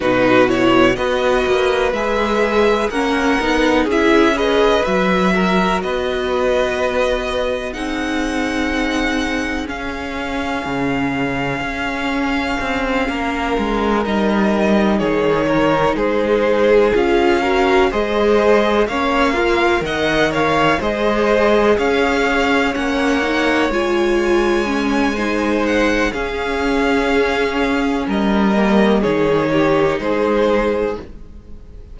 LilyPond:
<<
  \new Staff \with { instrumentName = "violin" } { \time 4/4 \tempo 4 = 62 b'8 cis''8 dis''4 e''4 fis''4 | e''8 dis''8 e''4 dis''2 | fis''2 f''2~ | f''2~ f''8 dis''4 cis''8~ |
cis''8 c''4 f''4 dis''4 f''8~ | f''8 fis''8 f''8 dis''4 f''4 fis''8~ | fis''8 gis''2 fis''8 f''4~ | f''4 dis''4 cis''4 c''4 | }
  \new Staff \with { instrumentName = "violin" } { \time 4/4 fis'4 b'2 ais'4 | gis'8 b'4 ais'8 b'2 | gis'1~ | gis'4. ais'2 gis'8 |
ais'8 gis'4. ais'8 c''4 cis''8 | f'8 dis''8 cis''8 c''4 cis''4.~ | cis''2 c''4 gis'4~ | gis'4 ais'4 gis'8 g'8 gis'4 | }
  \new Staff \with { instrumentName = "viola" } { \time 4/4 dis'8 e'8 fis'4 gis'4 cis'8 dis'8 | e'8 gis'8 fis'2. | dis'2 cis'2~ | cis'2~ cis'8 dis'4.~ |
dis'4. f'8 fis'8 gis'4 cis'8 | ais'4. gis'2 cis'8 | dis'8 f'4 cis'8 dis'4 cis'4~ | cis'4. ais8 dis'2 | }
  \new Staff \with { instrumentName = "cello" } { \time 4/4 b,4 b8 ais8 gis4 ais8 b8 | cis'4 fis4 b2 | c'2 cis'4 cis4 | cis'4 c'8 ais8 gis8 g4 dis8~ |
dis8 gis4 cis'4 gis4 ais8~ | ais8 dis4 gis4 cis'4 ais8~ | ais8 gis2~ gis8 cis'4~ | cis'4 g4 dis4 gis4 | }
>>